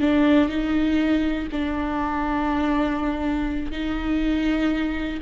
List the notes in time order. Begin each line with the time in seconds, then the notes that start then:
0.00 D4
0.49 D#4
1.51 D4
3.71 D#4